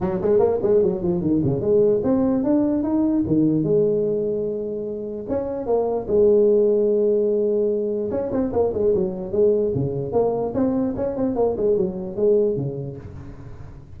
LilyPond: \new Staff \with { instrumentName = "tuba" } { \time 4/4 \tempo 4 = 148 fis8 gis8 ais8 gis8 fis8 f8 dis8 cis8 | gis4 c'4 d'4 dis'4 | dis4 gis2.~ | gis4 cis'4 ais4 gis4~ |
gis1 | cis'8 c'8 ais8 gis8 fis4 gis4 | cis4 ais4 c'4 cis'8 c'8 | ais8 gis8 fis4 gis4 cis4 | }